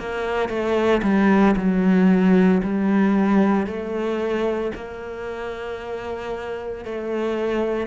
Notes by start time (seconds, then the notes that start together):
0.00 A#3
0.49 A3
1.03 G3
1.57 F#3
2.63 G3
3.67 A3
4.75 A#3
6.85 A3